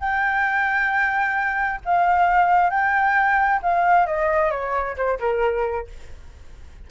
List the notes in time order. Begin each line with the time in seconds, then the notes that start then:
0.00 G5
1.85 F5
2.70 G5
3.63 F5
4.06 D#5
4.51 C#5
4.96 C5
5.20 A#4